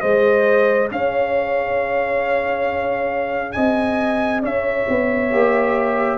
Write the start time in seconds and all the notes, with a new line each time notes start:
0.00 G#3 G#4 C5 D#5
0.91 C#4 C#5 F5
3.52 C4 D#5 G#5
4.42 C#4 C#5 E5
4.88 B3
5.31 A#3 G4